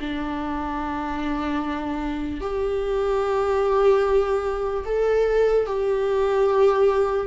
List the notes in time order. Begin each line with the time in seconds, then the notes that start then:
0.00 D4
2.41 G4
4.85 A4
5.66 G4